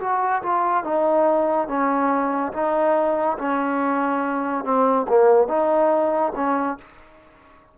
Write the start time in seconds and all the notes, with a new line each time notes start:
0.00 F#4
0.43 F4
0.84 D#4
1.68 C#4
2.53 D#4
3.38 C#4
4.64 C4
5.08 A#3
5.48 D#4
6.36 C#4